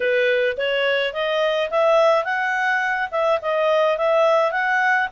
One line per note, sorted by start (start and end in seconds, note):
0.00 0.57 B4
0.57 1.13 C#5
1.13 1.70 D#5
1.70 2.24 E5
2.24 3.09 F#5
3.11 3.39 E5
3.41 3.97 D#5
3.97 4.51 E5
4.51 5.08 F#5